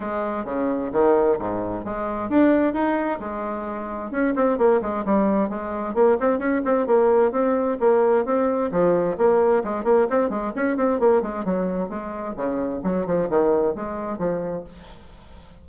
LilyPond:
\new Staff \with { instrumentName = "bassoon" } { \time 4/4 \tempo 4 = 131 gis4 cis4 dis4 gis,4 | gis4 d'4 dis'4 gis4~ | gis4 cis'8 c'8 ais8 gis8 g4 | gis4 ais8 c'8 cis'8 c'8 ais4 |
c'4 ais4 c'4 f4 | ais4 gis8 ais8 c'8 gis8 cis'8 c'8 | ais8 gis8 fis4 gis4 cis4 | fis8 f8 dis4 gis4 f4 | }